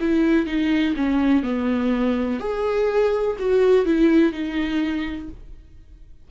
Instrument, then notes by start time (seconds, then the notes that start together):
viola
0.00 E4
0.46 D#4
0.96 C#4
1.43 B3
2.40 G#4
3.39 F#4
3.85 E4
4.32 D#4